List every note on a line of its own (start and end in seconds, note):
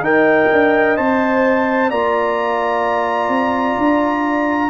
0.00 0.47 D#4
0.00 0.97 A#4
0.00 1.89 D#5
0.00 0.97 G5
0.52 0.98 D4
0.97 1.90 C4
0.97 1.91 C5
0.97 1.90 A5
1.89 3.29 A#3
1.89 4.70 F4
1.89 4.70 D5
1.89 4.70 A#5
3.29 3.75 C4
3.78 4.70 D4